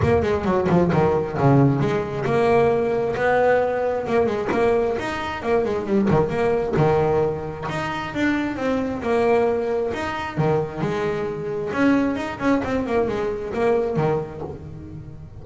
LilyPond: \new Staff \with { instrumentName = "double bass" } { \time 4/4 \tempo 4 = 133 ais8 gis8 fis8 f8 dis4 cis4 | gis4 ais2 b4~ | b4 ais8 gis8 ais4 dis'4 | ais8 gis8 g8 dis8 ais4 dis4~ |
dis4 dis'4 d'4 c'4 | ais2 dis'4 dis4 | gis2 cis'4 dis'8 cis'8 | c'8 ais8 gis4 ais4 dis4 | }